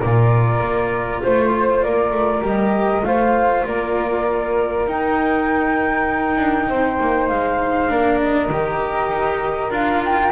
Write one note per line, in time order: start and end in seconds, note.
0.00 0.60 A#2
0.00 2.42 F4
0.00 1.21 A#4
0.00 1.21 D5
0.60 1.21 A#3
1.22 1.85 A3
1.22 1.82 C5
1.22 1.84 C5
1.82 2.11 A#3
1.82 3.06 A#4
1.82 2.43 D5
2.11 2.41 A3
2.42 3.02 G3
2.42 3.03 G4
2.42 3.04 D#5
3.02 3.63 A3
3.02 4.87 F4
3.02 3.67 C5
3.02 3.65 F5
3.66 4.87 A#3
3.66 6.69 A#4
3.66 4.87 D5
4.87 7.88 D#4
4.87 6.37 D#4
4.87 7.28 G5
6.37 6.67 D4
6.69 6.99 C4
6.69 7.91 C5
7.00 7.30 A#3
7.28 7.90 G#3
7.28 8.19 F5
7.88 8.49 A#3
7.88 8.49 D4
7.88 10.32 A#4
8.21 9.73 D#5
8.49 9.08 D#3
8.49 9.70 G4
9.08 9.69 D#4
9.70 10.30 D4
9.70 10.31 F4
9.70 10.03 F5
10.05 10.32 G5